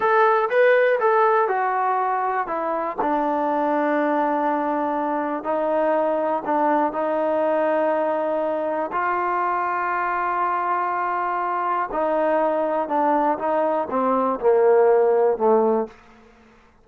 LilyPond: \new Staff \with { instrumentName = "trombone" } { \time 4/4 \tempo 4 = 121 a'4 b'4 a'4 fis'4~ | fis'4 e'4 d'2~ | d'2. dis'4~ | dis'4 d'4 dis'2~ |
dis'2 f'2~ | f'1 | dis'2 d'4 dis'4 | c'4 ais2 a4 | }